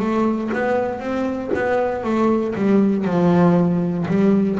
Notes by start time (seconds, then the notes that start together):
0.00 A3
0.54 B3
1.00 C4
1.55 B3
2.04 A3
2.56 G3
3.05 F3
4.09 G3